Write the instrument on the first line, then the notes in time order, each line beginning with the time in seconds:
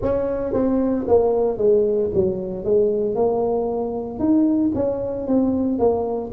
tuba
0.02 C#4
0.53 C4
1.07 A#3
1.57 G#3
2.14 F#3
2.64 G#3
3.15 A#3
4.19 D#4
4.74 C#4
5.27 C4
5.78 A#3